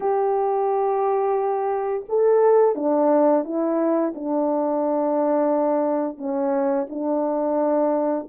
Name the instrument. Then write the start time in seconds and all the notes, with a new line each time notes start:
horn
0.00 G4
2.08 A4
2.75 D4
3.44 E4
4.14 D4
6.17 C#4
6.89 D4